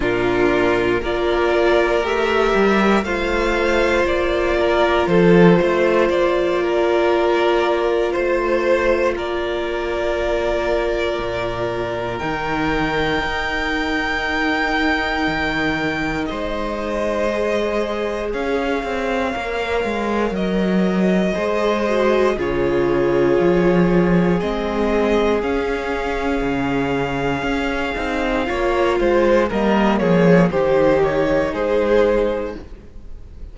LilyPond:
<<
  \new Staff \with { instrumentName = "violin" } { \time 4/4 \tempo 4 = 59 ais'4 d''4 e''4 f''4 | d''4 c''4 d''2 | c''4 d''2. | g''1 |
dis''2 f''2 | dis''2 cis''2 | dis''4 f''2.~ | f''4 dis''8 cis''8 c''8 cis''8 c''4 | }
  \new Staff \with { instrumentName = "violin" } { \time 4/4 f'4 ais'2 c''4~ | c''8 ais'8 a'8 c''4 ais'4. | c''4 ais'2.~ | ais'1 |
c''2 cis''2~ | cis''4 c''4 gis'2~ | gis'1 | cis''8 c''8 ais'8 gis'8 g'4 gis'4 | }
  \new Staff \with { instrumentName = "viola" } { \time 4/4 d'4 f'4 g'4 f'4~ | f'1~ | f'1 | dis'1~ |
dis'4 gis'2 ais'4~ | ais'4 gis'8 fis'8 f'2 | c'4 cis'2~ cis'8 dis'8 | f'4 ais4 dis'2 | }
  \new Staff \with { instrumentName = "cello" } { \time 4/4 ais,4 ais4 a8 g8 a4 | ais4 f8 a8 ais2 | a4 ais2 ais,4 | dis4 dis'2 dis4 |
gis2 cis'8 c'8 ais8 gis8 | fis4 gis4 cis4 f4 | gis4 cis'4 cis4 cis'8 c'8 | ais8 gis8 g8 f8 dis4 gis4 | }
>>